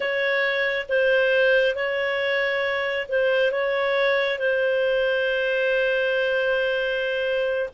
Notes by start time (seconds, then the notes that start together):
0.00 C#5
0.88 C5
1.74 C#5
3.08 C5
3.51 C#5
4.38 C5